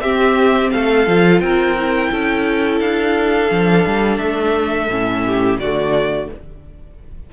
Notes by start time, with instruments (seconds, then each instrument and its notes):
0.00 cello C4, viola C4, violin G4 E5
0.71 cello A3, violin A4 F5
1.07 cello F3, viola F4
1.40 cello C4, violin A#4 G5
1.77 viola E4
2.11 cello C#4, violin A4
2.80 cello D4, violin F5
3.49 cello F3, viola D4
3.86 cello G3
4.18 cello A3, violin E5
4.89 cello A2, viola C#4
5.26 violin G4
5.59 cello D3, viola A3, violin F#4 D5